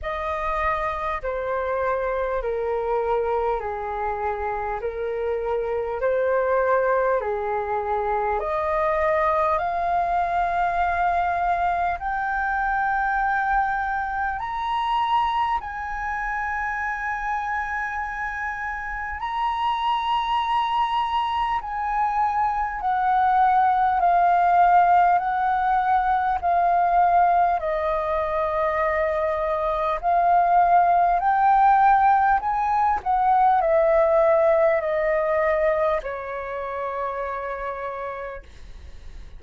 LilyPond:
\new Staff \with { instrumentName = "flute" } { \time 4/4 \tempo 4 = 50 dis''4 c''4 ais'4 gis'4 | ais'4 c''4 gis'4 dis''4 | f''2 g''2 | ais''4 gis''2. |
ais''2 gis''4 fis''4 | f''4 fis''4 f''4 dis''4~ | dis''4 f''4 g''4 gis''8 fis''8 | e''4 dis''4 cis''2 | }